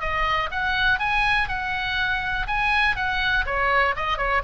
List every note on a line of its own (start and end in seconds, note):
0.00 0.49 D#5
0.51 0.99 F#5
0.99 1.48 G#5
1.48 2.46 F#5
2.47 2.96 G#5
2.96 3.45 F#5
3.46 3.95 C#5
3.95 4.17 D#5
4.17 4.42 C#5